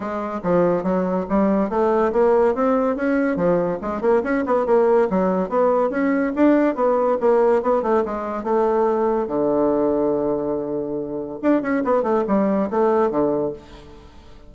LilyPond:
\new Staff \with { instrumentName = "bassoon" } { \time 4/4 \tempo 4 = 142 gis4 f4 fis4 g4 | a4 ais4 c'4 cis'4 | f4 gis8 ais8 cis'8 b8 ais4 | fis4 b4 cis'4 d'4 |
b4 ais4 b8 a8 gis4 | a2 d2~ | d2. d'8 cis'8 | b8 a8 g4 a4 d4 | }